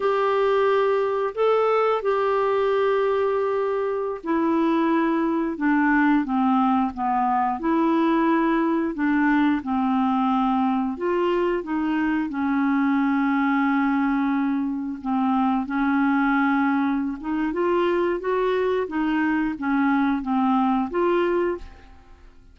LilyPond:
\new Staff \with { instrumentName = "clarinet" } { \time 4/4 \tempo 4 = 89 g'2 a'4 g'4~ | g'2~ g'16 e'4.~ e'16~ | e'16 d'4 c'4 b4 e'8.~ | e'4~ e'16 d'4 c'4.~ c'16~ |
c'16 f'4 dis'4 cis'4.~ cis'16~ | cis'2~ cis'16 c'4 cis'8.~ | cis'4. dis'8 f'4 fis'4 | dis'4 cis'4 c'4 f'4 | }